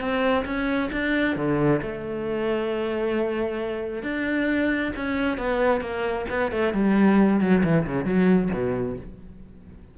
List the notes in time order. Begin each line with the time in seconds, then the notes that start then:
0.00 C4
0.45 C#4
0.92 D4
1.36 D3
1.82 A3
4.03 D4
4.96 C#4
5.38 B3
5.81 A#3
6.30 B3
6.51 A3
6.73 G3
7.40 F#3
7.63 E3
7.86 C#3
8.05 F#3
8.53 B2